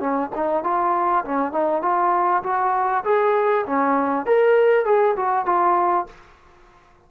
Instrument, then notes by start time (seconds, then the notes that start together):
trombone
0.00 C#4
0.36 D#4
0.64 F4
1.25 C#4
1.52 D#4
1.82 F4
2.43 F#4
3.05 G#4
3.66 C#4
4.26 A#4
4.85 G#4
5.17 F#4
5.46 F4